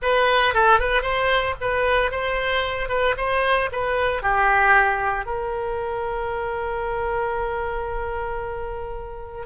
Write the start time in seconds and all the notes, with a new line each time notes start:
0.02 B4
0.54 A4
0.79 B4
1.02 C5
1.61 B4
2.11 C5
2.89 B4
3.17 C5
3.72 B4
4.22 G4
5.25 A#4